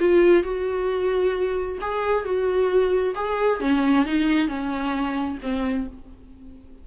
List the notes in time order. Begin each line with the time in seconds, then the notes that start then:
0.00 F4
0.43 F#4
1.81 G#4
2.25 F#4
3.15 G#4
3.60 C#4
4.06 D#4
4.48 C#4
5.42 C4